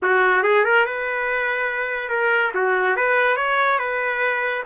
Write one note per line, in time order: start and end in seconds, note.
0.02 0.43 F#4
0.43 0.64 G#4
0.64 0.85 A#4
0.85 2.09 B4
2.09 2.51 A#4
2.54 2.96 F#4
2.96 3.36 B4
3.36 3.78 C#5
3.78 4.63 B4